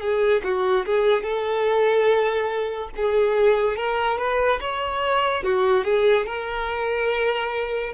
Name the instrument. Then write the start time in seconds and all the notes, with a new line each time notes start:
violin
0.00 G#4
0.44 F#4
0.86 G#4
1.23 A4
2.96 G#4
3.77 A#4
4.18 B4
4.60 C#5
5.43 F#4
5.84 G#4
6.26 A#4